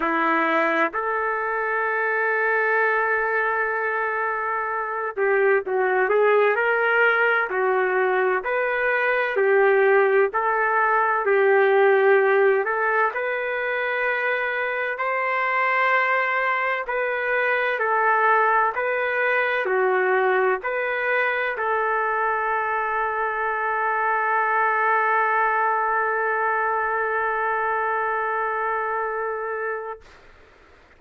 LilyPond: \new Staff \with { instrumentName = "trumpet" } { \time 4/4 \tempo 4 = 64 e'4 a'2.~ | a'4. g'8 fis'8 gis'8 ais'4 | fis'4 b'4 g'4 a'4 | g'4. a'8 b'2 |
c''2 b'4 a'4 | b'4 fis'4 b'4 a'4~ | a'1~ | a'1 | }